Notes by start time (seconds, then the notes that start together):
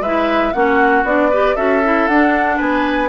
0.00 G#3 E4 B4 E5
0.53 A#3 C#4 F#4 F#5
1.04 B3 D4 D5
1.31 G4 B4
1.56 C#4 F#4 A4 E5
1.84 E4
2.07 D4 F#5
2.57 B3 B4 G#5